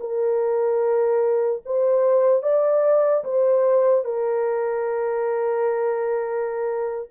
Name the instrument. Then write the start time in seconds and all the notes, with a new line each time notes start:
horn
0.00 A#4
1.65 C5
2.43 D5
3.24 C5
4.05 A#4